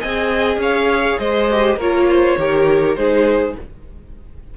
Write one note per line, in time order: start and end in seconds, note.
0.00 0.57 C4
0.00 1.50 G#4
0.00 0.59 D#5
0.00 0.59 G#5
0.57 1.15 C#4
0.57 1.19 C#5
0.57 1.19 F5
1.19 1.76 G#3
1.19 1.77 C5
1.19 1.78 D#5
1.50 1.80 G4
1.76 2.35 A#3
1.76 2.38 F4
1.76 2.06 A#4
1.76 2.95 C#5
2.09 2.39 C5
2.37 2.96 D#3
2.37 2.96 G4
2.37 2.98 A#4
2.95 3.55 G#3
2.95 3.55 D#4
2.95 3.57 G#4
2.95 3.54 C5